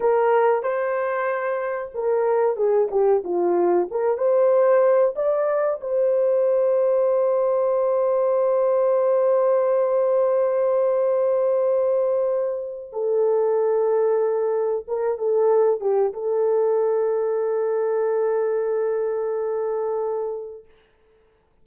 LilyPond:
\new Staff \with { instrumentName = "horn" } { \time 4/4 \tempo 4 = 93 ais'4 c''2 ais'4 | gis'8 g'8 f'4 ais'8 c''4. | d''4 c''2.~ | c''1~ |
c''1 | a'2. ais'8 a'8~ | a'8 g'8 a'2.~ | a'1 | }